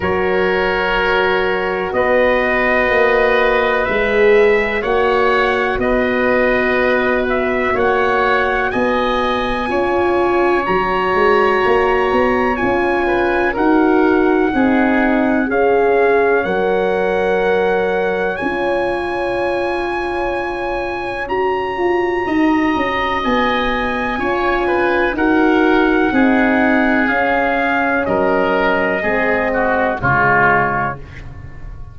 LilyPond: <<
  \new Staff \with { instrumentName = "trumpet" } { \time 4/4 \tempo 4 = 62 cis''2 dis''2 | e''4 fis''4 dis''4. e''8 | fis''4 gis''2 ais''4~ | ais''4 gis''4 fis''2 |
f''4 fis''2 gis''4~ | gis''2 ais''2 | gis''2 fis''2 | f''4 dis''2 cis''4 | }
  \new Staff \with { instrumentName = "oboe" } { \time 4/4 ais'2 b'2~ | b'4 cis''4 b'2 | cis''4 dis''4 cis''2~ | cis''4. b'8 ais'4 gis'4 |
cis''1~ | cis''2. dis''4~ | dis''4 cis''8 b'8 ais'4 gis'4~ | gis'4 ais'4 gis'8 fis'8 f'4 | }
  \new Staff \with { instrumentName = "horn" } { \time 4/4 fis'1 | gis'4 fis'2.~ | fis'2 f'4 fis'4~ | fis'4 f'4 fis'4 dis'4 |
gis'4 ais'2 f'4~ | f'2 fis'2~ | fis'4 f'4 fis'4 dis'4 | cis'2 c'4 gis4 | }
  \new Staff \with { instrumentName = "tuba" } { \time 4/4 fis2 b4 ais4 | gis4 ais4 b2 | ais4 b4 cis'4 fis8 gis8 | ais8 b8 cis'4 dis'4 c'4 |
cis'4 fis2 cis'4~ | cis'2 fis'8 f'8 dis'8 cis'8 | b4 cis'4 dis'4 c'4 | cis'4 fis4 gis4 cis4 | }
>>